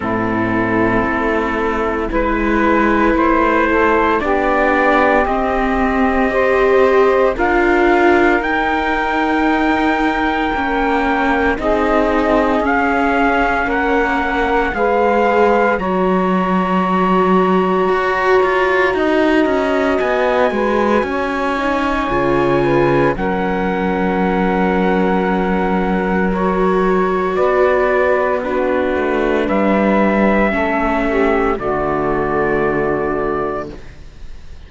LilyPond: <<
  \new Staff \with { instrumentName = "trumpet" } { \time 4/4 \tempo 4 = 57 a'2 b'4 c''4 | d''4 dis''2 f''4 | g''2. dis''4 | f''4 fis''4 f''4 ais''4~ |
ais''2. gis''4~ | gis''2 fis''2~ | fis''4 cis''4 d''4 b'4 | e''2 d''2 | }
  \new Staff \with { instrumentName = "saxophone" } { \time 4/4 e'2 b'4. a'8 | g'2 c''4 ais'4~ | ais'2. gis'4~ | gis'4 ais'4 b'4 cis''4~ |
cis''2 dis''4. b'8 | cis''4. b'8 ais'2~ | ais'2 b'4 fis'4 | b'4 a'8 g'8 fis'2 | }
  \new Staff \with { instrumentName = "viola" } { \time 4/4 c'2 e'2 | d'4 c'4 g'4 f'4 | dis'2 cis'4 dis'4 | cis'2 gis'4 fis'4~ |
fis'1~ | fis'8 dis'8 f'4 cis'2~ | cis'4 fis'2 d'4~ | d'4 cis'4 a2 | }
  \new Staff \with { instrumentName = "cello" } { \time 4/4 a,4 a4 gis4 a4 | b4 c'2 d'4 | dis'2 ais4 c'4 | cis'4 ais4 gis4 fis4~ |
fis4 fis'8 f'8 dis'8 cis'8 b8 gis8 | cis'4 cis4 fis2~ | fis2 b4. a8 | g4 a4 d2 | }
>>